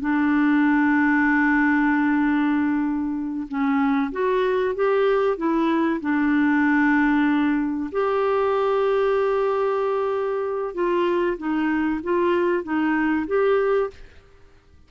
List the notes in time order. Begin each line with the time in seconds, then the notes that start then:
0.00 D4
3.48 C#4
4.12 F#4
4.75 G4
5.37 E4
6.01 D4
7.92 G4
10.74 F4
11.37 D#4
12.03 F4
12.63 D#4
13.27 G4